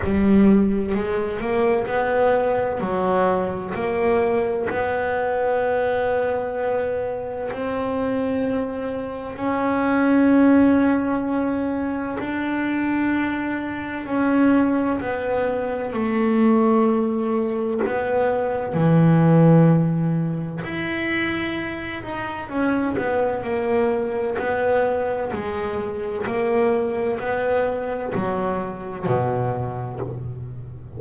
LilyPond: \new Staff \with { instrumentName = "double bass" } { \time 4/4 \tempo 4 = 64 g4 gis8 ais8 b4 fis4 | ais4 b2. | c'2 cis'2~ | cis'4 d'2 cis'4 |
b4 a2 b4 | e2 e'4. dis'8 | cis'8 b8 ais4 b4 gis4 | ais4 b4 fis4 b,4 | }